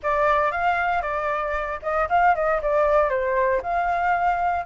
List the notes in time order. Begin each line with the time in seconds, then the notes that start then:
0.02 D5
0.51 F5
1.02 D5
1.82 D#5
2.09 F5
2.35 D#5
2.61 D5
3.09 C5
3.62 F5